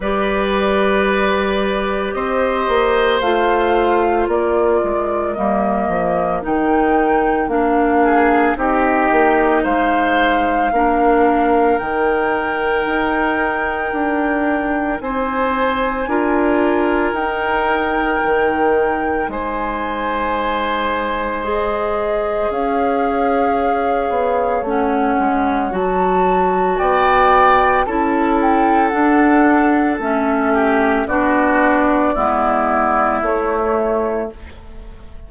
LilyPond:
<<
  \new Staff \with { instrumentName = "flute" } { \time 4/4 \tempo 4 = 56 d''2 dis''4 f''4 | d''4 dis''4 g''4 f''4 | dis''4 f''2 g''4~ | g''2 gis''2 |
g''2 gis''2 | dis''4 f''2 fis''4 | a''4 g''4 a''8 g''8 fis''4 | e''4 d''2 cis''4 | }
  \new Staff \with { instrumentName = "oboe" } { \time 4/4 b'2 c''2 | ais'2.~ ais'8 gis'8 | g'4 c''4 ais'2~ | ais'2 c''4 ais'4~ |
ais'2 c''2~ | c''4 cis''2.~ | cis''4 d''4 a'2~ | a'8 g'8 fis'4 e'2 | }
  \new Staff \with { instrumentName = "clarinet" } { \time 4/4 g'2. f'4~ | f'4 ais4 dis'4 d'4 | dis'2 d'4 dis'4~ | dis'2. f'4 |
dis'1 | gis'2. cis'4 | fis'2 e'4 d'4 | cis'4 d'4 b4 a4 | }
  \new Staff \with { instrumentName = "bassoon" } { \time 4/4 g2 c'8 ais8 a4 | ais8 gis8 g8 f8 dis4 ais4 | c'8 ais8 gis4 ais4 dis4 | dis'4 d'4 c'4 d'4 |
dis'4 dis4 gis2~ | gis4 cis'4. b8 a8 gis8 | fis4 b4 cis'4 d'4 | a4 b4 gis4 a4 | }
>>